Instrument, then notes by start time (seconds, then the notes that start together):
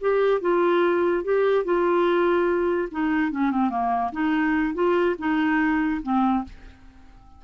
clarinet
0.00 G4
0.41 F4
1.23 G4
1.64 F4
2.91 D#4
3.31 C#4
3.51 C4
3.70 A#3
4.12 D#4
4.74 F4
5.18 D#4
6.02 C4